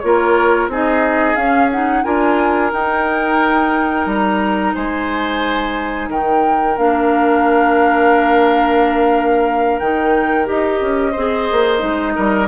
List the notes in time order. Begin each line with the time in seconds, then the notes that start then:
0.00 A#3 F4 A#4 C#5
0.68 C4 D#4 G#4
0.74 D#5
1.36 C#4 F5
1.72 D#4 F#5
2.04 D4 F4 A#4 G#5
2.73 D#4 G5
4.06 G3 A#5
4.75 G#3 C5 G#5
6.09 D#3 A#4 G5
6.78 A#3 D4 F5
9.79 D#3 D#4 G5
10.45 D#4 G4 D#5
10.82 C#4
11.12 C4 G#4 C5
11.52 A#3
11.78 G#3 D#4
12.15 G3 A#4